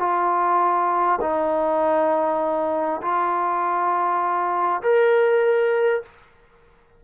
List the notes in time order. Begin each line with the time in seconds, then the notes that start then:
0.00 F4
1.22 D#4
3.02 F4
4.82 A#4